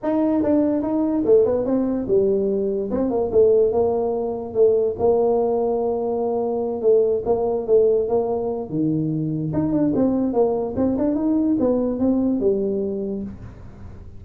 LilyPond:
\new Staff \with { instrumentName = "tuba" } { \time 4/4 \tempo 4 = 145 dis'4 d'4 dis'4 a8 b8 | c'4 g2 c'8 ais8 | a4 ais2 a4 | ais1~ |
ais8 a4 ais4 a4 ais8~ | ais4 dis2 dis'8 d'8 | c'4 ais4 c'8 d'8 dis'4 | b4 c'4 g2 | }